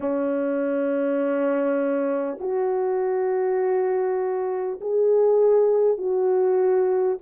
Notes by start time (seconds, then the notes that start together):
0.00 C#4
2.40 F#4
4.80 G#4
5.98 F#4